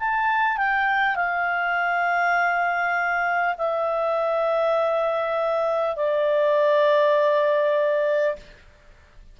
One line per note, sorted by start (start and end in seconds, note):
0.00 0.57 A5
0.57 1.16 G5
1.16 3.56 F5
3.58 5.96 E5
5.96 8.36 D5